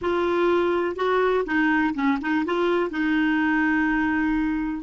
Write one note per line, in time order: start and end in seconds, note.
0.01 0.95 F4
0.95 1.44 F#4
1.45 1.94 D#4
1.94 2.18 C#4
2.21 2.45 D#4
2.45 2.90 F4
2.90 4.83 D#4